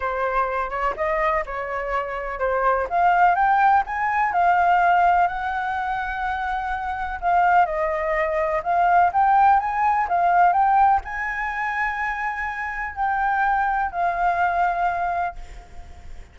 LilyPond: \new Staff \with { instrumentName = "flute" } { \time 4/4 \tempo 4 = 125 c''4. cis''8 dis''4 cis''4~ | cis''4 c''4 f''4 g''4 | gis''4 f''2 fis''4~ | fis''2. f''4 |
dis''2 f''4 g''4 | gis''4 f''4 g''4 gis''4~ | gis''2. g''4~ | g''4 f''2. | }